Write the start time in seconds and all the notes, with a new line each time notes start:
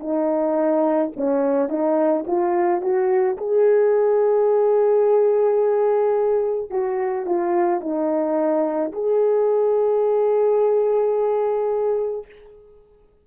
0.00 D#4
1.17 C#4
1.69 D#4
2.27 F4
2.81 F#4
3.37 G#4
6.71 F#4
7.26 F4
7.81 D#4
8.92 G#4